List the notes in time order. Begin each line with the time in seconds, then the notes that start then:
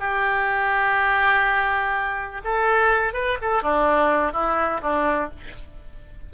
0.00 G4
2.45 A4
3.14 B4
3.42 A4
3.63 D4
4.33 E4
4.82 D4